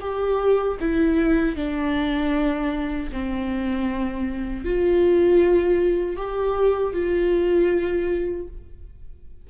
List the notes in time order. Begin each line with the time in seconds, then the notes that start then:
0.00 G4
0.80 E4
1.56 D4
3.12 C4
4.64 F4
6.16 G4
6.93 F4